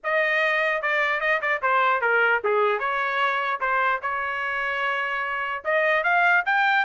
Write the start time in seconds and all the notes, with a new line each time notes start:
0.03 D#5
0.82 D5
1.20 D#5
1.41 D5
1.62 C5
2.01 A#4
2.44 G#4
2.79 C#5
3.60 C5
4.02 C#5
5.64 D#5
6.03 F5
6.45 G5